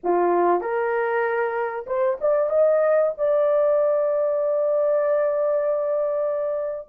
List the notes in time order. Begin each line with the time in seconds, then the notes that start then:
0.03 F4
0.60 A#4
1.86 C5
2.20 D5
2.49 D#5
3.17 D5